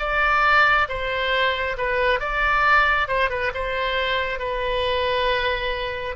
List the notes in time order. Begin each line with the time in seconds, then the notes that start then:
0.00 D5
0.89 C5
1.78 B4
2.20 D5
3.08 C5
3.30 B4
3.55 C5
4.40 B4